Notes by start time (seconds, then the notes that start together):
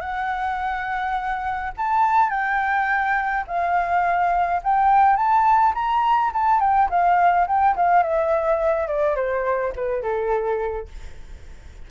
0.00 F#5
1.77 A5
2.30 G5
3.47 F5
4.63 G5
5.16 A5
5.74 A#5
6.33 A5
6.60 G5
6.89 F5
7.47 G5
7.76 F5
8.02 E5
8.87 D5
9.15 C5
9.75 B4
10.02 A4